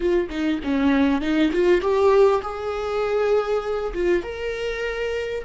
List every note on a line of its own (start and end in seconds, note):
0.00 0.28 F4
0.29 0.60 D#4
0.63 1.21 C#4
1.21 1.51 D#4
1.52 1.81 F4
1.81 2.41 G4
2.42 3.93 G#4
3.94 4.23 F4
4.23 5.44 A#4